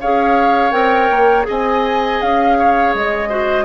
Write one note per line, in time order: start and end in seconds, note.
0.00 0.72 C#4
0.00 0.71 G#4
0.00 1.46 C#5
0.00 0.71 F5
0.71 1.09 C4
0.71 1.43 A#4
0.71 1.44 G5
1.10 1.46 A#3
1.43 3.26 G#4
1.43 2.57 D#5
1.50 2.21 C4
1.50 2.21 G#5
2.21 2.94 C#4
2.21 2.94 F5
2.58 3.29 C#5
2.94 3.64 G#3
2.94 3.64 D#5
3.29 3.64 F#4
3.29 3.64 C5